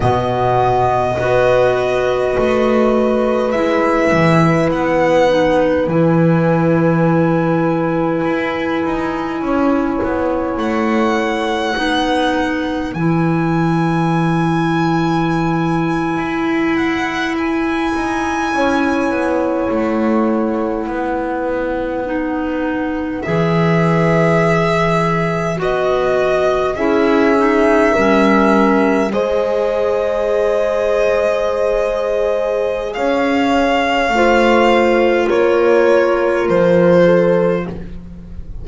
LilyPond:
<<
  \new Staff \with { instrumentName = "violin" } { \time 4/4 \tempo 4 = 51 dis''2. e''4 | fis''4 gis''2.~ | gis''4 fis''2 gis''4~ | gis''2~ gis''16 fis''8 gis''4~ gis''16~ |
gis''8. fis''2. e''16~ | e''4.~ e''16 dis''4 e''4~ e''16~ | e''8. dis''2.~ dis''16 | f''2 cis''4 c''4 | }
  \new Staff \with { instrumentName = "horn" } { \time 4/4 fis'4 b'2.~ | b'1 | cis''2 b'2~ | b'2.~ b'8. cis''16~ |
cis''4.~ cis''16 b'2~ b'16~ | b'2~ b'8. gis'4 ais'16~ | ais'8. c''2.~ c''16 | cis''4 c''4 ais'4. a'8 | }
  \new Staff \with { instrumentName = "clarinet" } { \time 4/4 b4 fis'2 e'4~ | e'8 dis'8 e'2.~ | e'2 dis'4 e'4~ | e'1~ |
e'2~ e'8. dis'4 gis'16~ | gis'4.~ gis'16 fis'4 e'8 dis'8 cis'16~ | cis'8. gis'2.~ gis'16~ | gis'4 f'2. | }
  \new Staff \with { instrumentName = "double bass" } { \time 4/4 b,4 b4 a4 gis8 e8 | b4 e2 e'8 dis'8 | cis'8 b8 a4 b4 e4~ | e4.~ e16 e'4. dis'8 cis'16~ |
cis'16 b8 a4 b2 e16~ | e4.~ e16 b4 cis'4 g16~ | g8. gis2.~ gis16 | cis'4 a4 ais4 f4 | }
>>